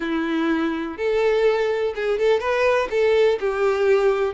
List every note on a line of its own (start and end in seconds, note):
0.00 0.97 E4
0.97 1.94 A4
1.95 2.18 G#4
2.18 2.40 A4
2.40 2.88 B4
2.90 3.38 A4
3.40 4.34 G4